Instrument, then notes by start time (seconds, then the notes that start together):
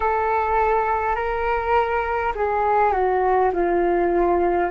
flute
0.00 A4
1.15 A#4
2.35 G#4
2.92 F#4
3.53 F4